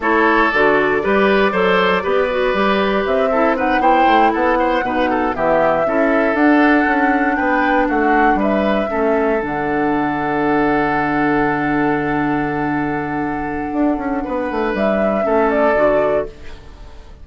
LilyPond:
<<
  \new Staff \with { instrumentName = "flute" } { \time 4/4 \tempo 4 = 118 cis''4 d''2.~ | d''2 e''4 fis''8 g''8~ | g''8 fis''2 e''4.~ | e''8 fis''2 g''4 fis''8~ |
fis''8 e''2 fis''4.~ | fis''1~ | fis''1~ | fis''4 e''4. d''4. | }
  \new Staff \with { instrumentName = "oboe" } { \time 4/4 a'2 b'4 c''4 | b'2~ b'8 a'8 b'8 c''8~ | c''8 a'8 c''8 b'8 a'8 g'4 a'8~ | a'2~ a'8 b'4 fis'8~ |
fis'8 b'4 a'2~ a'8~ | a'1~ | a'1 | b'2 a'2 | }
  \new Staff \with { instrumentName = "clarinet" } { \time 4/4 e'4 fis'4 g'4 a'4 | g'8 fis'8 g'4. e'8 dis'8 e'8~ | e'4. dis'4 b4 e'8~ | e'8 d'2.~ d'8~ |
d'4. cis'4 d'4.~ | d'1~ | d'1~ | d'2 cis'4 fis'4 | }
  \new Staff \with { instrumentName = "bassoon" } { \time 4/4 a4 d4 g4 fis4 | b4 g4 c'4. b8 | a8 b4 b,4 e4 cis'8~ | cis'8 d'4 cis'4 b4 a8~ |
a8 g4 a4 d4.~ | d1~ | d2. d'8 cis'8 | b8 a8 g4 a4 d4 | }
>>